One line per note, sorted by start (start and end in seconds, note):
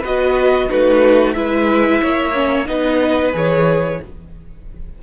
0.00 0.70 B3
0.00 0.69 F#4
0.00 0.66 B4
0.00 0.71 D#5
0.69 1.35 A3
0.69 1.35 D#4
0.69 1.35 F#4
0.69 1.33 B4
1.33 2.01 G#3
1.33 2.34 E4
1.33 2.02 B4
1.33 2.65 E5
2.02 2.69 A#3
2.02 2.68 C#5
2.34 2.66 C#4
2.66 3.34 B3
2.66 3.31 D#4
2.66 4.01 B4
2.66 3.33 D#5
3.33 3.99 E3
3.33 3.99 G#4
3.33 4.02 C#5